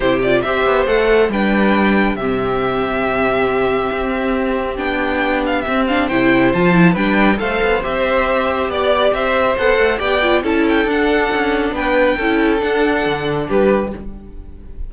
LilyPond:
<<
  \new Staff \with { instrumentName = "violin" } { \time 4/4 \tempo 4 = 138 c''8 d''8 e''4 fis''4 g''4~ | g''4 e''2.~ | e''2. g''4~ | g''8 f''8 e''8 f''8 g''4 a''4 |
g''4 f''4 e''2 | d''4 e''4 fis''4 g''4 | a''8 g''8 fis''2 g''4~ | g''4 fis''2 b'4 | }
  \new Staff \with { instrumentName = "violin" } { \time 4/4 g'4 c''2 b'4~ | b'4 g'2.~ | g'1~ | g'2 c''2 |
b'4 c''2. | d''4 c''2 d''4 | a'2. b'4 | a'2. g'4 | }
  \new Staff \with { instrumentName = "viola" } { \time 4/4 e'8 f'8 g'4 a'4 d'4~ | d'4 c'2.~ | c'2. d'4~ | d'4 c'8 d'8 e'4 f'8 e'8 |
d'4 a'4 g'2~ | g'2 a'4 g'8 f'8 | e'4 d'2. | e'4 d'2. | }
  \new Staff \with { instrumentName = "cello" } { \time 4/4 c4 c'8 b8 a4 g4~ | g4 c2.~ | c4 c'2 b4~ | b4 c'4 c4 f4 |
g4 a8 b8 c'2 | b4 c'4 b8 a8 b4 | cis'4 d'4 cis'4 b4 | cis'4 d'4 d4 g4 | }
>>